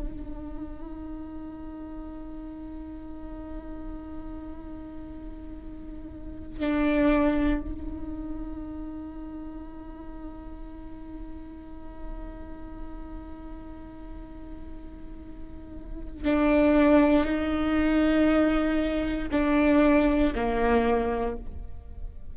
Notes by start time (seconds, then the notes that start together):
0.00 D#4
6.60 D4
7.61 D#4
16.25 D4
17.25 D#4
19.32 D4
20.35 A#3